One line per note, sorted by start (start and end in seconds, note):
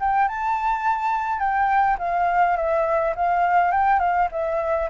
0.00 0.29 G5
0.29 1.40 A5
1.40 1.97 G5
1.99 2.56 F5
2.57 3.14 E5
3.16 3.72 F5
3.72 3.99 G5
3.99 4.28 F5
4.32 4.89 E5